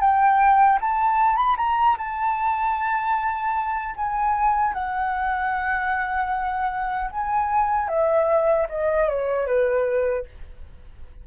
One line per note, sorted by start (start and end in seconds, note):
0.00 0.79 G5
0.81 1.36 A5
1.36 1.56 B5
1.57 1.97 A#5
1.98 3.95 A5
3.96 4.73 G#5
4.73 7.10 F#5
7.11 7.88 G#5
7.88 8.67 E5
8.69 9.08 D#5
9.09 9.47 C#5
9.47 10.26 B4